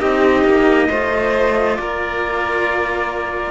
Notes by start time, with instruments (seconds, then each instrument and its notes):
0.00 cello C4 D#4, violin G4, trumpet D#5
0.44 cello A#3
0.89 cello A3 F4, violin C5
1.76 cello A#3, violin A#4, trumpet D5